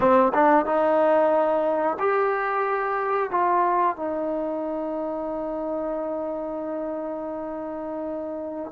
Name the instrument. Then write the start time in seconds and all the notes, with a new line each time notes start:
trombone
0.00 C4
0.34 D4
0.65 D#4
1.99 G4
3.30 F4
3.96 D#4